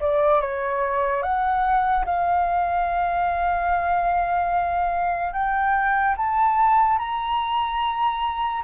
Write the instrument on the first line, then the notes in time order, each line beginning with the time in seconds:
flute
0.00 D5
0.41 C#5
1.23 F#5
2.05 F5
5.33 G5
6.16 A5
6.99 A#5